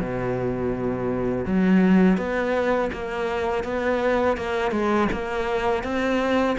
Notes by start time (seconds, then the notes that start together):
0.00 B2
1.45 F#3
2.18 B3
2.93 A#3
3.64 B3
4.37 A#3
4.72 G#3
5.13 A#3
5.84 C4